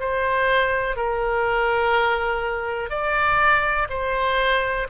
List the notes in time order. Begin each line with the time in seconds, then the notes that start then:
0.00 C5
0.97 A#4
2.90 D5
3.89 C5